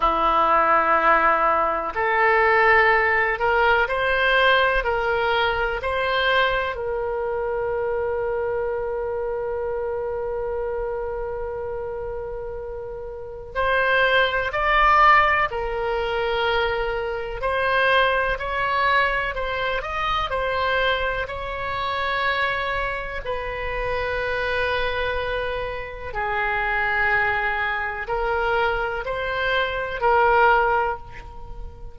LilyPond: \new Staff \with { instrumentName = "oboe" } { \time 4/4 \tempo 4 = 62 e'2 a'4. ais'8 | c''4 ais'4 c''4 ais'4~ | ais'1~ | ais'2 c''4 d''4 |
ais'2 c''4 cis''4 | c''8 dis''8 c''4 cis''2 | b'2. gis'4~ | gis'4 ais'4 c''4 ais'4 | }